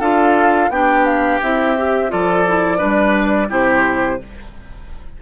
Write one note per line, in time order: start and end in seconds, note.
0.00 0.69 D4
0.00 0.72 F4
0.00 0.70 A4
0.00 0.71 F5
0.69 1.39 B3
0.69 1.42 D4
0.69 2.12 G4
0.69 1.05 G5
1.05 1.40 F5
1.42 2.12 C4
1.42 1.78 E4
1.42 2.11 E5
1.78 2.09 G4
2.09 2.82 F3
2.09 2.44 F4
2.09 2.78 A4
2.09 3.51 D5
2.48 2.78 E4
2.78 3.50 G3
2.78 3.48 D4
2.78 3.48 B4
3.49 4.20 C3
3.49 4.19 E4
3.49 4.20 G4
3.49 4.22 C5